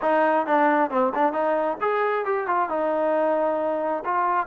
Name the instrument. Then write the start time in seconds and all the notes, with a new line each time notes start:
trombone
0.01 D#4
0.46 D4
0.90 C4
1.15 D4
1.32 D#4
1.80 G#4
2.25 G4
2.47 F4
2.69 D#4
4.04 F4